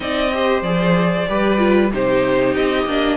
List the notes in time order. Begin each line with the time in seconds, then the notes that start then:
0.00 C4 D#4 D5 D#5
0.33 G4 C5
0.61 F3 G#4 D5
1.28 G3 G4 B4
1.57 F4
1.93 C3 D#4 G4 C5
2.54 C4 D#5
2.85 A#3 D4